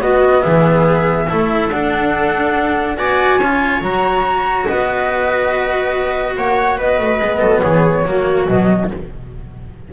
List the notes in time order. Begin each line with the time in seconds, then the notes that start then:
0.00 B3 F#4 D#5
0.42 E3 G#4 E5
1.28 A3 E4 A4
1.70 D4 F#5
2.97 B3 F#4 D5 G#5
3.38 C#4 F4 C#5
3.81 F#3 F#4 A#5
4.66 B3 B4 D#5
6.36 A#3 C#5 F#5
6.77 B3 B4 D#5
6.98 A3
7.20 G#3 B3
7.40 F#3 A4
7.60 E3 G#4 C#5
8.05 F#3 A#3 F#4
8.48 B2 F#3 D#5